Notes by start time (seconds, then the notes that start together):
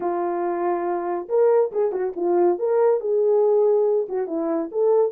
0.00 F4
1.28 A#4
1.71 G#4
1.91 F#4
2.16 F4
2.59 A#4
3.00 G#4
4.08 F#4
4.27 E4
4.71 A4